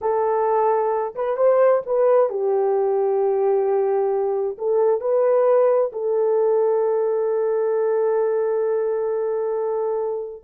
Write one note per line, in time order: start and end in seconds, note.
0.01 1.14 A4
1.15 1.36 B4
1.36 1.82 C5
1.85 2.29 B4
2.29 4.57 G4
4.58 5.00 A4
5.00 5.91 B4
5.92 10.43 A4